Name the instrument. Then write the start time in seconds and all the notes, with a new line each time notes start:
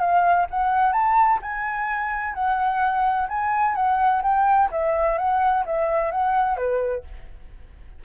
flute
0.00 F5
0.51 F#5
0.93 A5
1.42 G#5
2.34 F#5
3.29 G#5
3.75 F#5
4.23 G5
4.71 E5
5.18 F#5
5.66 E5
6.12 F#5
6.57 B4